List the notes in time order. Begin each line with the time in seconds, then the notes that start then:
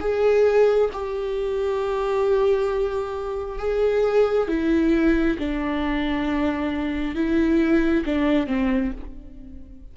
0.00 G#4
0.93 G4
3.59 G#4
4.48 E4
5.39 D4
7.15 E4
8.06 D4
8.47 C4